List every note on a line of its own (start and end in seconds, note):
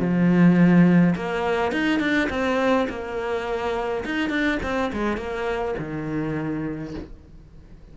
0.00 1.15 F3
1.16 1.72 A#3
1.72 2.00 D#4
2.00 2.29 D4
2.30 2.88 C4
2.90 4.05 A#3
4.06 4.30 D#4
4.30 4.59 D4
4.63 4.92 C4
4.93 5.18 G#3
5.18 5.75 A#3
5.80 6.95 D#3